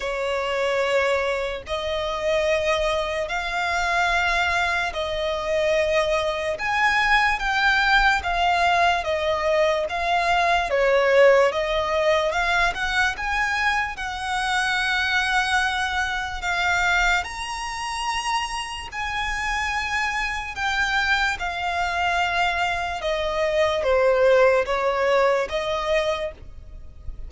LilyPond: \new Staff \with { instrumentName = "violin" } { \time 4/4 \tempo 4 = 73 cis''2 dis''2 | f''2 dis''2 | gis''4 g''4 f''4 dis''4 | f''4 cis''4 dis''4 f''8 fis''8 |
gis''4 fis''2. | f''4 ais''2 gis''4~ | gis''4 g''4 f''2 | dis''4 c''4 cis''4 dis''4 | }